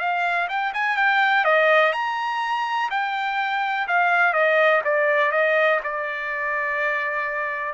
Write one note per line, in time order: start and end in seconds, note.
0.00 0.48 F5
0.49 0.73 G5
0.74 0.97 G#5
0.97 1.45 G5
1.45 1.93 D#5
1.93 2.90 A#5
2.91 3.88 G5
3.88 4.34 F5
4.34 4.82 D#5
4.85 5.32 D5
5.32 5.80 D#5
5.84 7.74 D5